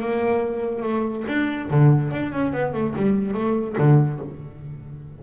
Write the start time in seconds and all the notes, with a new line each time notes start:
0.00 A#3
0.82 A3
1.28 D4
1.70 D3
2.11 D4
2.33 C#4
2.53 B3
2.73 A3
2.96 G3
3.34 A3
3.78 D3